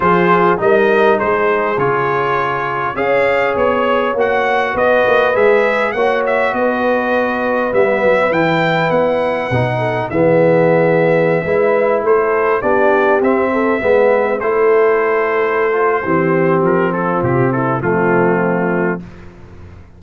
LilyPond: <<
  \new Staff \with { instrumentName = "trumpet" } { \time 4/4 \tempo 4 = 101 c''4 dis''4 c''4 cis''4~ | cis''4 f''4 cis''4 fis''4 | dis''4 e''4 fis''8 e''8 dis''4~ | dis''4 e''4 g''4 fis''4~ |
fis''4 e''2.~ | e''16 c''4 d''4 e''4.~ e''16~ | e''16 c''2.~ c''8. | ais'8 a'8 g'8 a'8 f'2 | }
  \new Staff \with { instrumentName = "horn" } { \time 4/4 gis'4 ais'4 gis'2~ | gis'4 cis''2. | b'2 cis''4 b'4~ | b'1~ |
b'8 a'8 gis'2~ gis'16 b'8.~ | b'16 a'4 g'4. a'8 b'8.~ | b'16 a'2~ a'8. g'4~ | g'8 f'4 e'8 c'2 | }
  \new Staff \with { instrumentName = "trombone" } { \time 4/4 f'4 dis'2 f'4~ | f'4 gis'2 fis'4~ | fis'4 gis'4 fis'2~ | fis'4 b4 e'2 |
dis'4 b2~ b16 e'8.~ | e'4~ e'16 d'4 c'4 b8.~ | b16 e'2~ e'16 f'8 c'4~ | c'2 a2 | }
  \new Staff \with { instrumentName = "tuba" } { \time 4/4 f4 g4 gis4 cis4~ | cis4 cis'4 b4 ais4 | b8 ais8 gis4 ais4 b4~ | b4 g8 fis8 e4 b4 |
b,4 e2~ e16 gis8.~ | gis16 a4 b4 c'4 gis8.~ | gis16 a2~ a8. e4 | f4 c4 f2 | }
>>